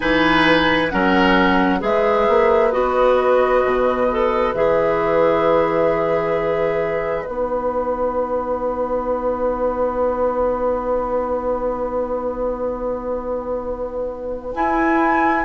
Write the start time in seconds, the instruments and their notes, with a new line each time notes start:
0.00 bassoon E3, clarinet D#4, oboe B4, flute G#5
0.89 bassoon F#3, clarinet C#4, oboe A#4, flute F#5
1.78 bassoon G#3, clarinet G#4, oboe B4, flute E5
2.28 bassoon A#3
2.71 bassoon B3, clarinet F#4, flute D#5
3.64 bassoon B2
4.11 clarinet A4
4.53 bassoon E3, clarinet G#4, flute E5
7.25 bassoon B3, clarinet D#4, flute F#5
14.54 bassoon E4, clarinet E4, flute G#5